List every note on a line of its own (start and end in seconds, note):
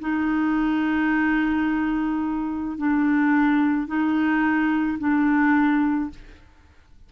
0.00 2.78 D#4
2.78 3.87 D4
3.87 4.98 D#4
4.99 6.10 D4